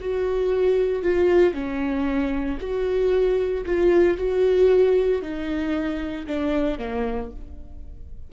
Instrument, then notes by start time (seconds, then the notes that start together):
viola
0.00 F#4
1.03 F4
1.54 C#4
2.60 F#4
3.65 F4
4.17 F#4
5.22 D#4
6.27 D4
6.78 A#3